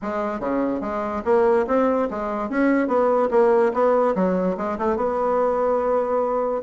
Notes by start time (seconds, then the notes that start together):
0.02 G#3
0.39 C#3
0.81 G#3
1.24 A#3
1.67 C4
2.10 G#3
2.49 C#4
2.87 B3
3.30 A#3
3.73 B3
4.15 F#3
4.57 G#3
4.78 A3
4.96 B3